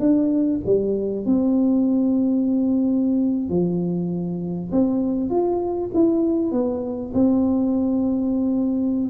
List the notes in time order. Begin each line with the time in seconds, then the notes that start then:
0.00 D4
0.66 G3
1.26 C4
3.50 F3
4.72 C4
5.30 F4
5.94 E4
6.52 B3
7.14 C4